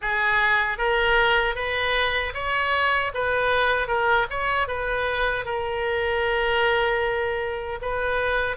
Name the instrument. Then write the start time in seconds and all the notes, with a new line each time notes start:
oboe
0.01 G#4
0.78 A#4
1.55 B4
2.34 C#5
3.14 B4
3.87 A#4
4.30 C#5
4.67 B4
5.45 A#4
7.81 B4